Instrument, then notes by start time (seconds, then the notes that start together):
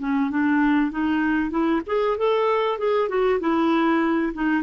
clarinet
0.00 C#4
0.31 D4
0.92 D#4
1.51 E4
1.87 G#4
2.18 A4
2.79 G#4
3.09 F#4
3.40 E4
4.34 D#4